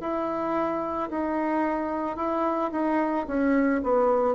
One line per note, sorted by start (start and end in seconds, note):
0.00 1.09 E4
1.10 2.16 D#4
2.16 2.70 E4
2.71 3.26 D#4
3.27 3.81 C#4
3.83 4.35 B3